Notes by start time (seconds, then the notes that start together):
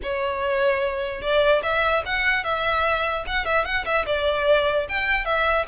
0.02 C#5
1.21 D5
1.62 E5
2.05 F#5
2.43 E5
3.26 F#5
3.45 E5
3.64 F#5
3.85 E5
4.06 D5
4.88 G5
5.25 E5